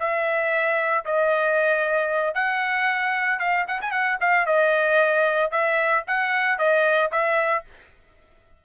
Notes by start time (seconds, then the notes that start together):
0.00 E5
1.06 D#5
2.35 F#5
3.40 F5
3.68 F#5
3.82 G#5
3.91 F#5
4.21 F5
4.46 D#5
5.51 E5
6.07 F#5
6.59 D#5
7.12 E5